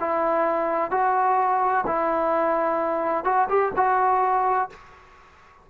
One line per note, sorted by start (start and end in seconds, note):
0.00 0.91 E4
0.91 1.85 F#4
1.86 3.24 E4
3.24 3.48 F#4
3.49 3.72 G4
3.76 4.70 F#4